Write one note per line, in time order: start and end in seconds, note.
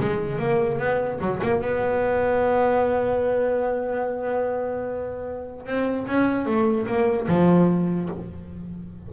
0.00 0.39 G#3
0.39 0.79 A#3
0.79 1.19 B3
1.20 1.41 F#3
1.42 1.61 A#3
1.61 5.66 B3
5.66 6.06 C4
6.07 6.46 C#4
6.46 6.86 A3
6.87 7.27 A#3
7.28 8.09 F3